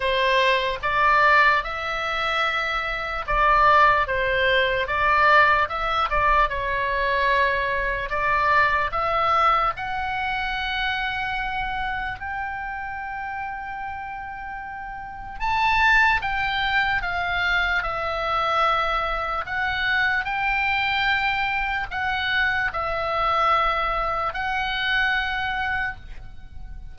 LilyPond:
\new Staff \with { instrumentName = "oboe" } { \time 4/4 \tempo 4 = 74 c''4 d''4 e''2 | d''4 c''4 d''4 e''8 d''8 | cis''2 d''4 e''4 | fis''2. g''4~ |
g''2. a''4 | g''4 f''4 e''2 | fis''4 g''2 fis''4 | e''2 fis''2 | }